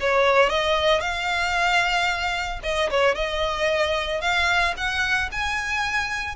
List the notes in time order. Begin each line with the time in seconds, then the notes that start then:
0.00 C#5
0.49 D#5
1.00 F5
2.63 D#5
2.90 C#5
3.15 D#5
4.21 F5
4.77 F#5
5.32 G#5